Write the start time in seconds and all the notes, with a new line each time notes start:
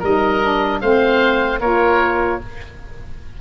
0.00 G3 D#4 A#4 D#5
0.43 D4
0.81 A3 C4 C5 F5
1.61 A#3 F4 A#4 C#5